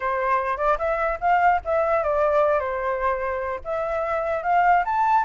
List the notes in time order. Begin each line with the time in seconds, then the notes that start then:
0.00 C5
0.57 D5
0.78 E5
1.20 F5
1.65 E5
2.03 D5
2.59 C5
3.64 E5
4.43 F5
4.85 A5